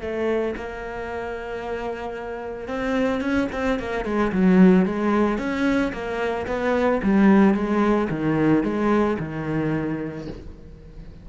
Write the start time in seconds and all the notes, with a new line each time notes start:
0.00 A3
0.56 A#3
2.68 C4
3.21 C#4
3.52 C4
3.79 A#3
4.04 G#3
4.32 F#3
4.85 G#3
5.38 C#4
5.92 A#3
6.47 B3
7.02 G3
7.54 G#3
8.10 D#3
8.63 G#3
9.19 D#3